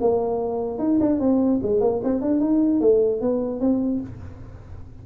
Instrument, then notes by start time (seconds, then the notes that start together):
tuba
0.00 A#3
0.78 D#4
1.00 D4
1.19 C4
1.62 G#3
1.80 A#3
2.03 C4
2.21 D4
2.40 D#4
2.80 A3
3.20 B3
3.60 C4